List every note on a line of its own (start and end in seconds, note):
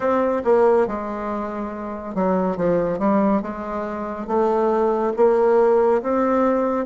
0.00 0.42 C4
0.44 0.87 A#3
0.87 2.14 G#3
2.14 2.56 F#3
2.56 2.98 F3
2.98 3.41 G3
3.41 4.27 G#3
4.27 5.12 A3
5.16 6.02 A#3
6.02 6.85 C4